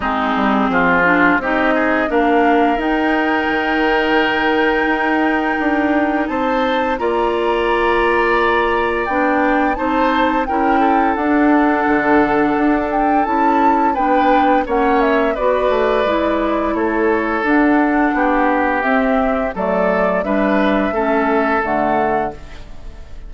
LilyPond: <<
  \new Staff \with { instrumentName = "flute" } { \time 4/4 \tempo 4 = 86 gis'2 dis''4 f''4 | g''1~ | g''4 a''4 ais''2~ | ais''4 g''4 a''4 g''4 |
fis''2~ fis''8 g''8 a''4 | g''4 fis''8 e''8 d''2 | cis''4 fis''2 e''4 | d''4 e''2 fis''4 | }
  \new Staff \with { instrumentName = "oboe" } { \time 4/4 dis'4 f'4 g'8 gis'8 ais'4~ | ais'1~ | ais'4 c''4 d''2~ | d''2 c''4 ais'8 a'8~ |
a'1 | b'4 cis''4 b'2 | a'2 g'2 | a'4 b'4 a'2 | }
  \new Staff \with { instrumentName = "clarinet" } { \time 4/4 c'4. d'8 dis'4 d'4 | dis'1~ | dis'2 f'2~ | f'4 d'4 dis'4 e'4 |
d'2. e'4 | d'4 cis'4 fis'4 e'4~ | e'4 d'2 c'4 | a4 d'4 cis'4 a4 | }
  \new Staff \with { instrumentName = "bassoon" } { \time 4/4 gis8 g8 f4 c'4 ais4 | dis'4 dis2 dis'4 | d'4 c'4 ais2~ | ais4 b4 c'4 cis'4 |
d'4 d4 d'4 cis'4 | b4 ais4 b8 a8 gis4 | a4 d'4 b4 c'4 | fis4 g4 a4 d4 | }
>>